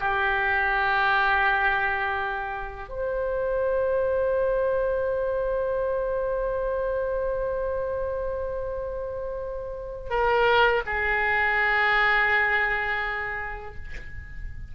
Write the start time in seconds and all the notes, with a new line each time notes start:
0.00 G4
2.89 C5
10.10 A#4
10.86 G#4